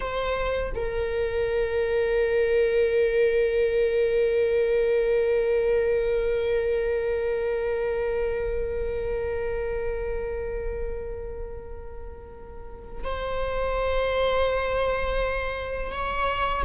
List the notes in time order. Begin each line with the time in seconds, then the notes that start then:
0.00 C5
0.74 A#4
13.03 C5
15.91 C#5